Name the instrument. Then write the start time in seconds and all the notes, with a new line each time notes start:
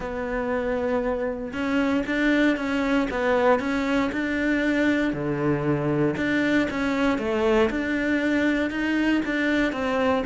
cello
0.00 B3
1.52 C#4
2.06 D4
2.56 C#4
3.10 B3
3.59 C#4
4.12 D4
5.13 D3
6.16 D4
6.70 C#4
7.18 A3
7.69 D4
8.70 D#4
9.25 D4
9.72 C4